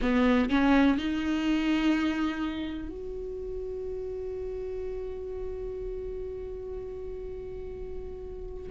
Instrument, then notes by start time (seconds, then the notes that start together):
viola
0.01 B3
0.49 C#4
0.98 D#4
2.89 F#4